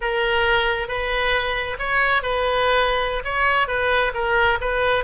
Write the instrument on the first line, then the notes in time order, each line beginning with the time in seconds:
oboe
0.01 A#4
0.87 B4
1.78 C#5
2.22 B4
3.24 C#5
3.67 B4
4.14 A#4
4.60 B4